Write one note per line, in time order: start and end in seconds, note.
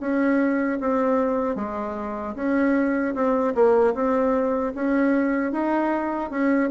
0.00 0.79 C#4
0.80 1.55 C4
1.55 2.34 G#3
2.35 3.14 C#4
3.14 3.54 C4
3.55 3.94 A#3
3.94 4.73 C4
4.74 5.52 C#4
5.52 6.30 D#4
6.30 6.70 C#4